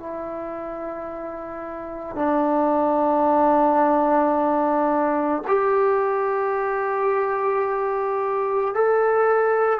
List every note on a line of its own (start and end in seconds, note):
0.00 2.16 E4
2.16 5.43 D4
5.47 8.75 G4
8.75 9.80 A4